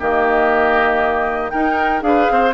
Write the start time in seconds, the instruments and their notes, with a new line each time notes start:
0.00 bassoon D#3, clarinet A#3, oboe G4, flute D#5
1.51 clarinet D#4, bassoon D#4, oboe A#4, flute G5
2.01 bassoon D4, clarinet G#4, flute F5
2.07 oboe B4
2.31 bassoon C4, oboe C5